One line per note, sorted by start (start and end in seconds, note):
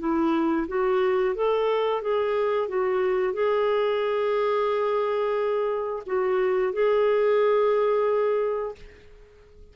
0.00 0.67 E4
0.68 1.35 F#4
1.35 2.03 A4
2.03 2.69 G#4
2.69 3.34 F#4
3.34 6.04 G#4
6.07 6.73 F#4
6.73 8.75 G#4